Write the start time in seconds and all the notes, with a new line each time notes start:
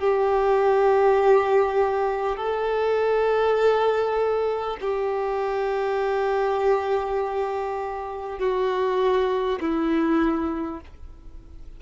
0.00 G4
2.37 A4
4.81 G4
8.39 F#4
9.61 E4